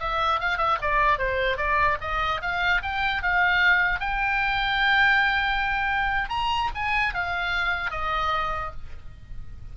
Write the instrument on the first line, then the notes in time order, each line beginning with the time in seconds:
oboe
0.00 E5
0.41 F5
0.58 E5
0.82 D5
1.19 C5
1.58 D5
2.01 D#5
2.42 F5
2.83 G5
3.23 F5
4.00 G5
6.30 A#5
6.75 G#5
7.14 F5
7.91 D#5